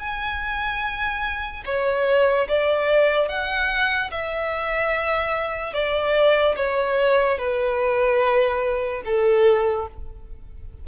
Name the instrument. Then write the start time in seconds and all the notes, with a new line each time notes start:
violin
0.00 G#5
1.66 C#5
2.48 D5
3.29 F#5
4.11 E5
5.74 D5
6.56 C#5
7.39 B4
9.06 A4